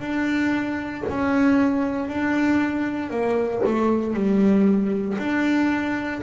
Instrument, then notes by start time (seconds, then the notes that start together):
double bass
0.00 D4
1.09 C#4
2.09 D4
3.10 A#3
3.65 A3
4.14 G3
5.18 D4